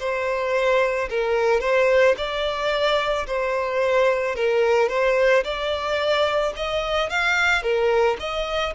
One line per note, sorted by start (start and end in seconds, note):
0.00 1.09 C5
1.10 1.61 A#4
1.61 2.15 C5
2.18 3.27 D5
3.27 4.36 C5
4.36 4.89 A#4
4.89 5.44 C5
5.44 6.54 D5
6.57 7.10 D#5
7.10 7.63 F5
7.63 8.17 A#4
8.20 8.74 D#5